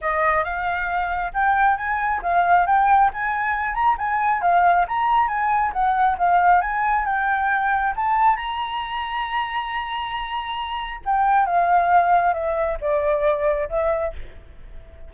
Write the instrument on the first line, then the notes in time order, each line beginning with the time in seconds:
flute
0.01 D#5
0.44 F5
1.33 G5
1.76 G#5
2.22 F5
2.66 G5
3.13 G#5
3.74 A#5
3.97 G#5
4.41 F5
4.88 A#5
5.28 G#5
5.72 F#5
6.18 F5
6.61 G#5
7.05 G5
7.95 A5
8.36 A#5
11.05 G5
11.46 F5
12.33 E5
12.80 D5
13.69 E5